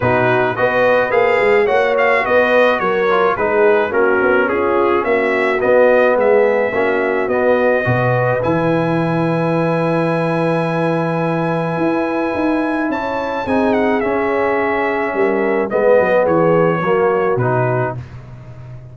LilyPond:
<<
  \new Staff \with { instrumentName = "trumpet" } { \time 4/4 \tempo 4 = 107 b'4 dis''4 f''4 fis''8 f''8 | dis''4 cis''4 b'4 ais'4 | gis'4 e''4 dis''4 e''4~ | e''4 dis''2 gis''4~ |
gis''1~ | gis''2. a''4 | gis''8 fis''8 e''2. | dis''4 cis''2 b'4 | }
  \new Staff \with { instrumentName = "horn" } { \time 4/4 fis'4 b'2 cis''4 | b'4 ais'4 gis'4 fis'4 | f'4 fis'2 gis'4 | fis'2 b'2~ |
b'1~ | b'2. cis''4 | gis'2. ais'4 | b'4 gis'4 fis'2 | }
  \new Staff \with { instrumentName = "trombone" } { \time 4/4 dis'4 fis'4 gis'4 fis'4~ | fis'4. f'8 dis'4 cis'4~ | cis'2 b2 | cis'4 b4 fis'4 e'4~ |
e'1~ | e'1 | dis'4 cis'2. | b2 ais4 dis'4 | }
  \new Staff \with { instrumentName = "tuba" } { \time 4/4 b,4 b4 ais8 gis8 ais4 | b4 fis4 gis4 ais8 b8 | cis'4 ais4 b4 gis4 | ais4 b4 b,4 e4~ |
e1~ | e4 e'4 dis'4 cis'4 | c'4 cis'2 g4 | gis8 fis8 e4 fis4 b,4 | }
>>